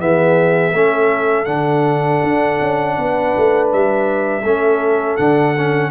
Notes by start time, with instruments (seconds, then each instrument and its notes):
0.00 tuba E3, trombone B3, horn G#4, trumpet E5
0.73 tuba A3, trombone C#4, horn A4
1.45 tuba D3, trombone D4, trumpet F#5
2.24 tuba D4
2.61 tuba C#4
2.97 tuba B3, horn B4
3.37 tuba A3
3.73 tuba G3, trumpet E5
4.44 tuba A3, trombone C#4, horn A4
5.17 tuba D3, trombone D4, trumpet F#5
5.58 trombone C#4